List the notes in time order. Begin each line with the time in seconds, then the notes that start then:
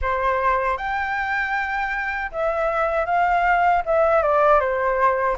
0.01 C5
0.77 G5
2.31 E5
3.05 F5
3.85 E5
4.22 D5
4.60 C5